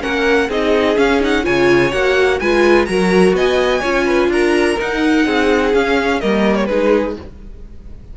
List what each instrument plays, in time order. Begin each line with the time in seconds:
0.00 cello A#3, viola C#4, violin A#4 F#5
0.49 cello C4, viola D#4, violin G#4 D#5
0.96 viola C#4, cello C#4, violin F5
1.20 viola D#4, violin F#5
1.43 cello C#3, viola F4, violin C#5 G#5
1.91 cello A#3, viola F#4, violin F#5
2.39 cello G#3, viola F4, violin B4 G#5
2.85 cello F#3, viola F#4, violin A#4 A#5
3.33 cello B3, violin D#5 G#5
3.80 cello C#4, viola F4, violin C#5
4.05 violin B4
4.28 cello D4, violin A#4 A#5
4.79 viola D#4, cello D#4, violin F#5
5.25 cello C4, violin G#4
5.73 cello C#4, viola C#4, violin F5
6.20 cello G3, viola A#3, violin A#4 D#5
6.55 violin C#5
6.66 cello G#3, viola D#4, violin G#4 B4